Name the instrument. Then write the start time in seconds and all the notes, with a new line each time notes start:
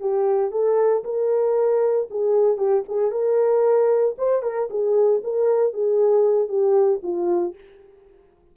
horn
0.00 G4
0.51 A4
1.04 A#4
2.11 G#4
2.57 G4
2.88 G#4
3.11 A#4
4.18 C5
4.43 A#4
4.70 G#4
5.24 A#4
5.73 G#4
6.48 G4
7.03 F4